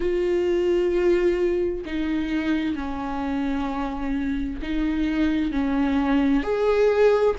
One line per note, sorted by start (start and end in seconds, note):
0.00 1.84 F4
1.85 2.75 D#4
2.75 4.60 C#4
4.62 5.51 D#4
5.51 6.43 C#4
6.43 7.35 G#4